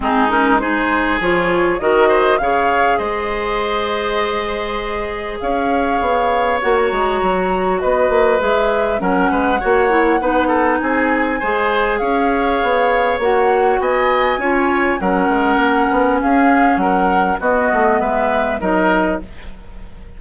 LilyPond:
<<
  \new Staff \with { instrumentName = "flute" } { \time 4/4 \tempo 4 = 100 gis'8 ais'8 c''4 cis''4 dis''4 | f''4 dis''2.~ | dis''4 f''2 fis''16 ais''8.~ | ais''4 dis''4 e''4 fis''4~ |
fis''2 gis''2 | f''2 fis''4 gis''4~ | gis''4 fis''2 f''4 | fis''4 dis''4 e''4 dis''4 | }
  \new Staff \with { instrumentName = "oboe" } { \time 4/4 dis'4 gis'2 ais'8 c''8 | cis''4 c''2.~ | c''4 cis''2.~ | cis''4 b'2 ais'8 b'8 |
cis''4 b'8 a'8 gis'4 c''4 | cis''2. dis''4 | cis''4 ais'2 gis'4 | ais'4 fis'4 b'4 ais'4 | }
  \new Staff \with { instrumentName = "clarinet" } { \time 4/4 c'8 cis'8 dis'4 f'4 fis'4 | gis'1~ | gis'2. fis'4~ | fis'2 gis'4 cis'4 |
fis'8 e'8 dis'2 gis'4~ | gis'2 fis'2 | f'4 cis'2.~ | cis'4 b2 dis'4 | }
  \new Staff \with { instrumentName = "bassoon" } { \time 4/4 gis2 f4 dis4 | cis4 gis2.~ | gis4 cis'4 b4 ais8 gis8 | fis4 b8 ais8 gis4 fis8 gis8 |
ais4 b4 c'4 gis4 | cis'4 b4 ais4 b4 | cis'4 fis8 gis8 ais8 b8 cis'4 | fis4 b8 a8 gis4 fis4 | }
>>